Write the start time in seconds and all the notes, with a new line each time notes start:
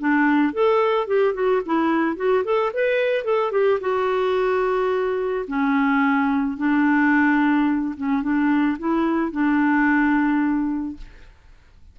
0.00 D4
0.54 A4
1.08 G4
1.35 F#4
1.66 E4
2.17 F#4
2.45 A4
2.74 B4
3.25 A4
3.52 G4
3.81 F#4
5.48 C#4
6.58 D4
7.97 C#4
8.23 D4
8.79 E4
9.32 D4